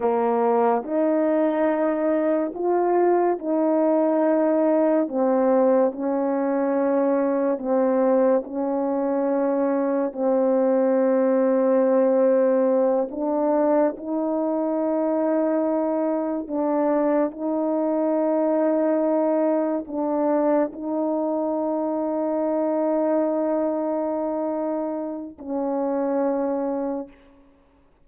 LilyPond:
\new Staff \with { instrumentName = "horn" } { \time 4/4 \tempo 4 = 71 ais4 dis'2 f'4 | dis'2 c'4 cis'4~ | cis'4 c'4 cis'2 | c'2.~ c'8 d'8~ |
d'8 dis'2. d'8~ | d'8 dis'2. d'8~ | d'8 dis'2.~ dis'8~ | dis'2 cis'2 | }